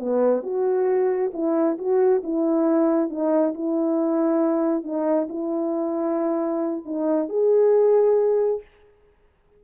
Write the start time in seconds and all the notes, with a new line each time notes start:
0.00 B3
0.44 F#4
1.34 E4
1.78 F#4
2.24 E4
3.10 D#4
3.55 E4
4.84 D#4
5.30 E4
6.86 D#4
7.30 G#4